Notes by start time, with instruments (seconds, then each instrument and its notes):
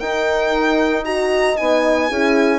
0.00 bassoon D#4, horn D#4 A#4, violin G5
1.04 horn F#4 D#5, violin A#5
1.57 bassoon B3, horn D#4, violin G#5
2.09 bassoon C#4, horn E4 G#4